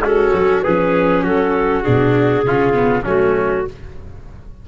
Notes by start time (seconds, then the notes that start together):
0.00 G#3 C#4 F#4 A4
0.33 F#3
0.62 F3 C#4 G#4 B4
1.23 F#3 F#4 A4
1.82 B2 D4 G#4
2.45 C#3 C#4 F4
2.73 B3
3.04 F#3 A3 C#4 F#4